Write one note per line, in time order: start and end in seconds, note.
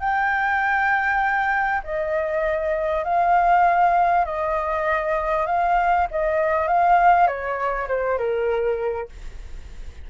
0.00 1.82 G5
1.84 3.04 D#5
3.04 4.25 F5
4.25 5.46 D#5
5.47 6.07 F5
6.11 6.68 D#5
6.68 7.27 F5
7.27 7.88 C#5
7.88 8.18 C5
8.18 9.09 A#4